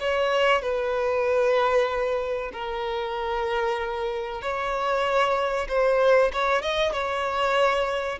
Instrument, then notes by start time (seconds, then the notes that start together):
violin
0.00 C#5
0.62 B4
2.53 A#4
4.41 C#5
5.68 C5
6.32 C#5
6.62 D#5
6.92 C#5